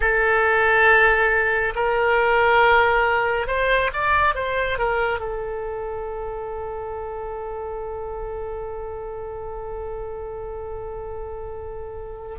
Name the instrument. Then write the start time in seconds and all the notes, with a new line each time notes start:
oboe
0.00 A4
1.75 A#4
3.47 C5
3.93 D5
4.34 C5
4.78 A#4
5.19 A4